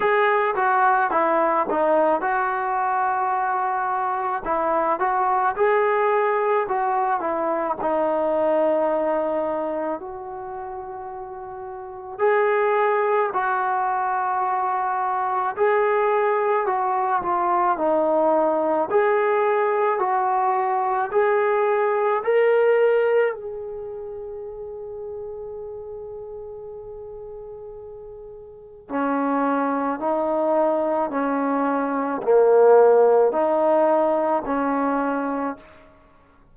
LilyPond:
\new Staff \with { instrumentName = "trombone" } { \time 4/4 \tempo 4 = 54 gis'8 fis'8 e'8 dis'8 fis'2 | e'8 fis'8 gis'4 fis'8 e'8 dis'4~ | dis'4 fis'2 gis'4 | fis'2 gis'4 fis'8 f'8 |
dis'4 gis'4 fis'4 gis'4 | ais'4 gis'2.~ | gis'2 cis'4 dis'4 | cis'4 ais4 dis'4 cis'4 | }